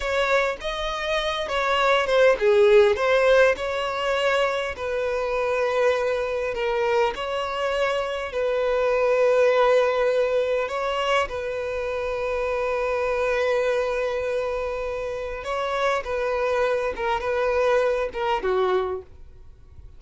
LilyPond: \new Staff \with { instrumentName = "violin" } { \time 4/4 \tempo 4 = 101 cis''4 dis''4. cis''4 c''8 | gis'4 c''4 cis''2 | b'2. ais'4 | cis''2 b'2~ |
b'2 cis''4 b'4~ | b'1~ | b'2 cis''4 b'4~ | b'8 ais'8 b'4. ais'8 fis'4 | }